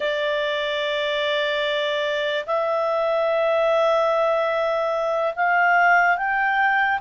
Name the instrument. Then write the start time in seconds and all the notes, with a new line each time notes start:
clarinet
0.00 D5
2.46 E5
5.35 F5
6.16 G5